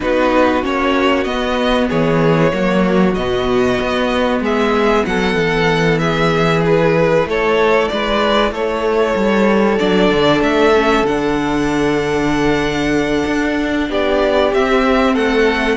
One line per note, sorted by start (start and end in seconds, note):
0.00 0.63 B3
0.00 0.62 D#4
0.00 1.88 F#4
0.00 0.64 B4
0.62 1.25 A#3
0.62 1.25 C#4
0.62 1.24 C#5
1.24 1.89 B3
1.24 2.52 B3
1.24 1.87 D#5
1.88 2.52 E3
1.88 2.52 G#4
1.88 3.14 C#5
2.52 3.16 F#3
2.52 3.15 A#3
2.52 4.42 F#4
3.14 3.79 B2
3.14 6.63 B3
3.14 4.40 D#5
3.81 4.40 B3
4.40 5.03 G#3
4.40 5.06 G#4
4.40 5.05 E5
5.05 5.34 F#3
5.05 6.01 A4
5.05 5.98 F#5
5.34 7.23 E3
5.98 7.27 G#4
5.98 6.61 E5
6.63 9.78 E4
6.63 7.28 B4
7.25 7.88 A3
7.25 7.92 A4
7.25 7.88 C#5
7.88 8.51 G#3
7.88 8.51 B4
7.88 8.51 D5
8.51 9.14 A3
8.51 13.88 A4
8.51 9.78 C#5
9.15 9.79 G3
9.78 10.09 F#3
9.78 10.73 D4
9.78 10.41 D5
10.09 10.40 D3
10.41 11.02 A3
10.41 11.05 E5
10.74 11.06 C#4
11.02 13.23 D3
11.02 14.55 D4
11.02 13.90 F#5
13.26 13.89 D4
13.89 14.52 B3
13.89 15.13 G4
13.89 14.53 D5
14.52 15.16 C4
14.52 15.77 C4
14.52 15.15 E5
15.13 15.77 A3
15.13 15.76 A4
15.13 15.77 F#5